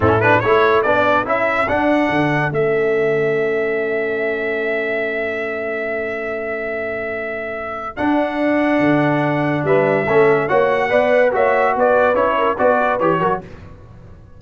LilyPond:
<<
  \new Staff \with { instrumentName = "trumpet" } { \time 4/4 \tempo 4 = 143 a'8 b'8 cis''4 d''4 e''4 | fis''2 e''2~ | e''1~ | e''1~ |
e''2. fis''4~ | fis''2. e''4~ | e''4 fis''2 e''4 | d''4 cis''4 d''4 cis''4 | }
  \new Staff \with { instrumentName = "horn" } { \time 4/4 e'4 a'2.~ | a'1~ | a'1~ | a'1~ |
a'1~ | a'2. b'4 | a'4 cis''4 d''4 cis''4 | b'4. ais'8 b'4. ais'8 | }
  \new Staff \with { instrumentName = "trombone" } { \time 4/4 cis'8 d'8 e'4 d'4 e'4 | d'2 cis'2~ | cis'1~ | cis'1~ |
cis'2. d'4~ | d'1 | cis'4 fis'4 b'4 fis'4~ | fis'4 e'4 fis'4 g'8 fis'8 | }
  \new Staff \with { instrumentName = "tuba" } { \time 4/4 a,4 a4 b4 cis'4 | d'4 d4 a2~ | a1~ | a1~ |
a2. d'4~ | d'4 d2 g4 | a4 ais4 b4 ais4 | b4 cis'4 b4 e8 fis8 | }
>>